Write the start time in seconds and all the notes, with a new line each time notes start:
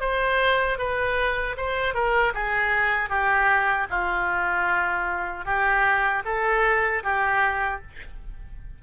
0.00 C5
0.78 B4
1.57 C5
1.94 A#4
2.34 G#4
3.09 G4
3.90 F4
5.45 G4
6.25 A4
7.03 G4